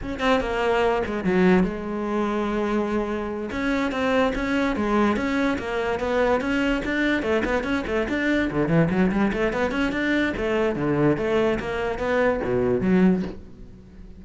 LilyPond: \new Staff \with { instrumentName = "cello" } { \time 4/4 \tempo 4 = 145 cis'8 c'8 ais4. gis8 fis4 | gis1~ | gis8 cis'4 c'4 cis'4 gis8~ | gis8 cis'4 ais4 b4 cis'8~ |
cis'8 d'4 a8 b8 cis'8 a8 d'8~ | d'8 d8 e8 fis8 g8 a8 b8 cis'8 | d'4 a4 d4 a4 | ais4 b4 b,4 fis4 | }